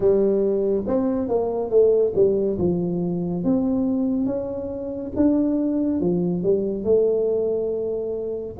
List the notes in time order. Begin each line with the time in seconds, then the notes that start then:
0.00 G3
0.86 C4
1.28 A#3
1.69 A3
2.15 G3
2.58 F3
3.44 C4
4.26 C#4
5.15 D4
6.00 F3
6.43 G3
6.84 A3